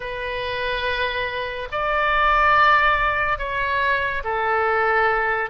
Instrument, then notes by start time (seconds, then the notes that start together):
oboe
0.00 B4
1.71 D5
3.38 C#5
4.24 A4